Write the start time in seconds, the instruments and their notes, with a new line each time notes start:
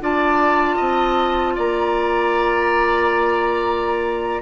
0.00 bassoon D4, clarinet F4, oboe D5, flute A5
0.76 bassoon C4, oboe D#5
1.55 bassoon A#3, oboe D5, flute A#5